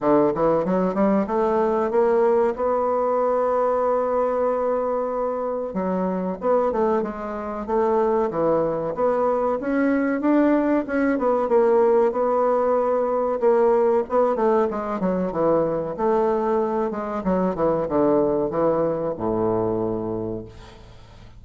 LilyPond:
\new Staff \with { instrumentName = "bassoon" } { \time 4/4 \tempo 4 = 94 d8 e8 fis8 g8 a4 ais4 | b1~ | b4 fis4 b8 a8 gis4 | a4 e4 b4 cis'4 |
d'4 cis'8 b8 ais4 b4~ | b4 ais4 b8 a8 gis8 fis8 | e4 a4. gis8 fis8 e8 | d4 e4 a,2 | }